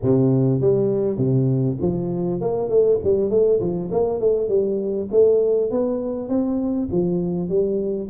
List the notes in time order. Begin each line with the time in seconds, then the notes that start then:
0.02 C3
0.60 G3
1.17 C3
1.81 F3
2.40 A#3
2.69 A3
3.03 G3
3.30 A3
3.60 F3
3.91 A#3
4.20 A3
4.48 G3
5.11 A3
5.70 B3
6.28 C4
6.91 F3
7.49 G3